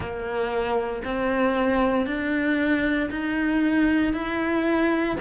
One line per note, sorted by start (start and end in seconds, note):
0.00 1.02 A#3
1.04 2.06 C4
2.06 3.09 D4
3.10 4.13 D#4
4.13 5.16 E4